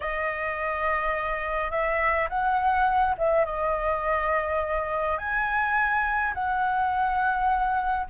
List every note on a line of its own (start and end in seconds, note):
0.00 1.70 D#5
1.70 2.28 E5
2.29 3.15 F#5
3.18 3.45 E5
3.45 5.18 D#5
5.18 6.33 G#5
6.33 8.06 F#5